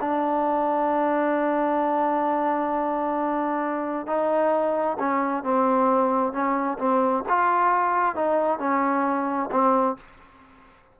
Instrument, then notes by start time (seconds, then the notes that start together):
trombone
0.00 D4
4.06 D#4
4.99 C#4
5.43 C4
6.32 C#4
6.78 C4
7.28 F4
8.15 D#4
8.59 C#4
9.51 C4